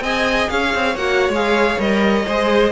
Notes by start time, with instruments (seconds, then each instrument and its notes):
0.00 cello C4, viola G#4, violin D#5 G#5
0.49 cello C#4, violin C#5 F5
0.74 cello C4
0.95 cello A#3, viola F#4, violin F#5
1.29 cello G#3, viola G#4, violin F5
1.78 cello G3, viola A#4, violin D#5
2.25 cello G#3, viola G#4, violin C5